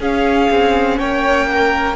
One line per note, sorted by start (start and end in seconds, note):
0.00 0.50 C#4
0.00 1.96 C#4
0.00 0.98 G#4
0.00 0.99 F5
0.51 1.00 C4
0.99 1.96 A#3
0.99 1.48 C#5
0.99 1.96 G5
1.52 1.96 A#4